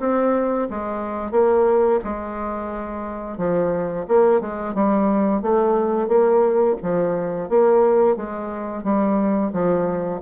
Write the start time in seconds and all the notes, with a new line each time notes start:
0.00 C4
0.70 G#3
1.32 A#3
2.04 G#3
3.38 F3
4.08 A#3
4.41 G#3
4.74 G3
5.42 A3
6.08 A#3
6.82 F3
7.50 A#3
8.17 G#3
8.84 G3
9.53 F3